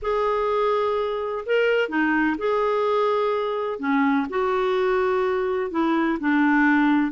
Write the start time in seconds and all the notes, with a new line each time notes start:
0.02 G#4
1.45 A#4
1.88 D#4
2.38 G#4
3.79 C#4
4.29 F#4
5.70 E4
6.20 D4